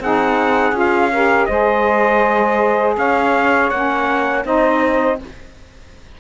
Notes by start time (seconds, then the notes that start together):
0.00 C4 D#4 G#4 F#5
0.72 C#4 F4
0.79 F5
1.12 G4 A#4
1.46 G#3 G#4 C5 D#5
2.97 C#4 C#5 F5
3.70 A#3 C#4 F#5
4.44 C4 D#4 C5 D#5